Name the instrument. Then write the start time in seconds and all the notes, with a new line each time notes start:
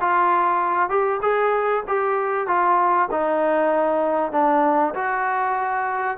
trombone
0.00 F4
0.89 G4
1.22 G#4
1.88 G4
2.47 F4
3.11 D#4
4.32 D4
4.94 F#4